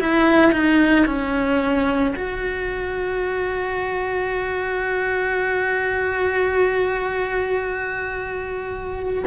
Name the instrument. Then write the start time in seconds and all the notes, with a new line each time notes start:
cello
0.00 E4
0.52 D#4
1.06 C#4
2.16 F#4